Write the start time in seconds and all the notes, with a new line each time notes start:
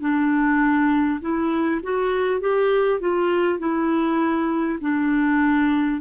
0.00 D4
1.20 E4
1.82 F#4
2.40 G4
2.99 F4
3.58 E4
4.80 D4